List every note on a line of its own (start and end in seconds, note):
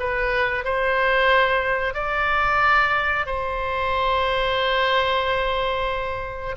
0.00 0.65 B4
0.65 1.95 C5
1.95 3.26 D5
3.26 6.56 C5